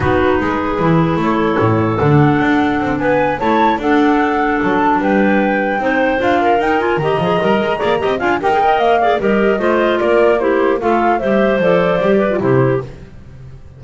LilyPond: <<
  \new Staff \with { instrumentName = "flute" } { \time 4/4 \tempo 4 = 150 b'2. cis''4~ | cis''4 fis''2~ fis''8 gis''8~ | gis''8 a''4 fis''2 a''8~ | a''8 g''2. f''8~ |
f''8 g''8 gis''8 ais''2~ ais''8~ | ais''8 gis''8 g''4 f''4 dis''4~ | dis''4 d''4 c''4 f''4 | e''4 d''2 c''4 | }
  \new Staff \with { instrumentName = "clarinet" } { \time 4/4 fis'4 gis'2 a'4~ | a'2.~ a'8 b'8~ | b'8 cis''4 a'2~ a'8~ | a'8 b'2 c''4. |
ais'4. dis''2 d''8 | dis''8 f''8 ais'8 dis''4 d''8 ais'4 | c''4 ais'4 g'4 a'4 | c''2~ c''8 b'8 g'4 | }
  \new Staff \with { instrumentName = "clarinet" } { \time 4/4 dis'2 e'2~ | e'4 d'2.~ | d'8 e'4 d'2~ d'8~ | d'2~ d'8 dis'4 f'8~ |
f'8 dis'8 f'8 g'8 gis'8 ais'4 gis'8 | g'8 f'8 g'16 gis'16 ais'4 gis'8 g'4 | f'2 e'4 f'4 | g'4 a'4 g'8. f'16 e'4 | }
  \new Staff \with { instrumentName = "double bass" } { \time 4/4 b4 gis4 e4 a4 | a,4 d4 d'4 c'8 b8~ | b8 a4 d'2 fis8~ | fis8 g2 c'4 d'8~ |
d'8 dis'4 dis8 f8 g8 gis8 ais8 | c'8 d'8 dis'4 ais4 g4 | a4 ais2 a4 | g4 f4 g4 c4 | }
>>